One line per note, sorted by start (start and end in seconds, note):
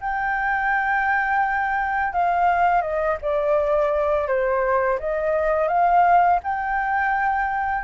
0.00 2.13 G5
2.13 2.81 F5
2.81 3.17 D#5
3.21 4.27 D5
4.27 4.99 C5
4.99 5.68 D#5
5.68 6.39 F5
6.43 7.84 G5